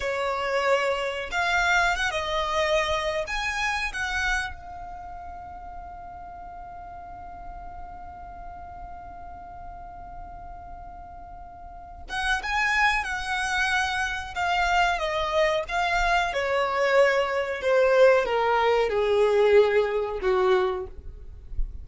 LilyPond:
\new Staff \with { instrumentName = "violin" } { \time 4/4 \tempo 4 = 92 cis''2 f''4 fis''16 dis''8.~ | dis''4 gis''4 fis''4 f''4~ | f''1~ | f''1~ |
f''2~ f''8 fis''8 gis''4 | fis''2 f''4 dis''4 | f''4 cis''2 c''4 | ais'4 gis'2 fis'4 | }